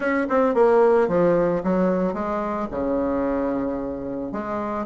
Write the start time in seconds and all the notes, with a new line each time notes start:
0.00 C#4
0.29 C4
0.54 A#3
1.08 F3
1.63 F#3
2.13 G#3
2.71 C#3
4.31 G#3